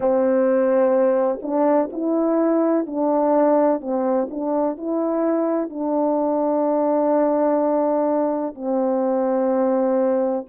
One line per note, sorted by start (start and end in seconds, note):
0.00 1.39 C4
1.42 1.89 D4
1.92 2.86 E4
2.86 3.81 D4
3.81 4.28 C4
4.30 4.77 D4
4.77 5.69 E4
5.69 8.55 D4
8.55 10.45 C4